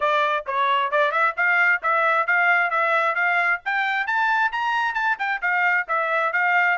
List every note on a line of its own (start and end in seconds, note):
0.00 0.45 D5
0.46 0.91 C#5
0.91 1.11 D5
1.11 1.34 E5
1.36 1.81 F5
1.82 2.27 E5
2.27 2.70 F5
2.70 3.15 E5
3.15 3.60 F5
3.65 4.06 G5
4.06 4.51 A5
4.52 4.94 A#5
4.94 5.17 A5
5.18 5.41 G5
5.41 5.86 F5
5.87 6.32 E5
6.32 6.78 F5